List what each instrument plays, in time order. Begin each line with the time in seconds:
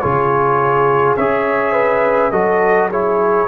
0.00 tuba C#3, trombone F4, horn G#4, trumpet C#5
1.17 tuba C#4, trombone G#4, horn C#5, trumpet E5
1.73 horn B4
2.31 tuba F#3, trombone F#4, horn A4, trumpet D#5
2.91 trombone E4, horn G#4, trumpet C#5